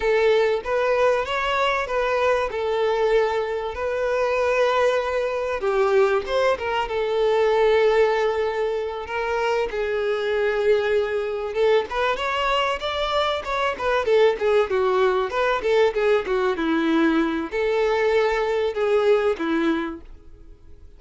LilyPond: \new Staff \with { instrumentName = "violin" } { \time 4/4 \tempo 4 = 96 a'4 b'4 cis''4 b'4 | a'2 b'2~ | b'4 g'4 c''8 ais'8 a'4~ | a'2~ a'8 ais'4 gis'8~ |
gis'2~ gis'8 a'8 b'8 cis''8~ | cis''8 d''4 cis''8 b'8 a'8 gis'8 fis'8~ | fis'8 b'8 a'8 gis'8 fis'8 e'4. | a'2 gis'4 e'4 | }